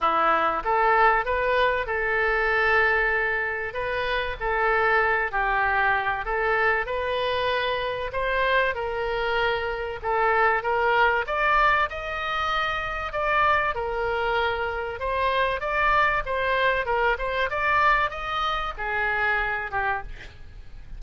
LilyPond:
\new Staff \with { instrumentName = "oboe" } { \time 4/4 \tempo 4 = 96 e'4 a'4 b'4 a'4~ | a'2 b'4 a'4~ | a'8 g'4. a'4 b'4~ | b'4 c''4 ais'2 |
a'4 ais'4 d''4 dis''4~ | dis''4 d''4 ais'2 | c''4 d''4 c''4 ais'8 c''8 | d''4 dis''4 gis'4. g'8 | }